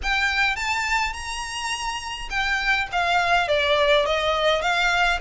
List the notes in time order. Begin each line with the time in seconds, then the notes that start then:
0.02 G5
0.56 A5
1.13 A#5
2.29 G5
2.91 F5
3.48 D5
4.05 D#5
4.61 F5